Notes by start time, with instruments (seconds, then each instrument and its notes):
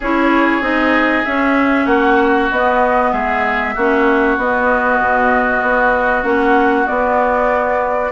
0.00 bassoon C#4, clarinet E4, oboe G#4, flute C#5
0.60 bassoon C4, clarinet D#4, flute D#5
1.24 clarinet C#4, bassoon C#4, flute E5
1.85 bassoon A#3, oboe F#4, flute F#5
2.51 bassoon B3, clarinet B3, flute D#5
3.12 bassoon G#3, oboe G#4, flute E5
3.74 bassoon A#3, clarinet C#4, oboe F#4
4.37 bassoon B3, clarinet B3, flute D#5
4.99 bassoon B2
5.62 bassoon B3
6.23 bassoon A#3, clarinet C#4, flute F#5
6.86 clarinet B3, bassoon B3, flute D5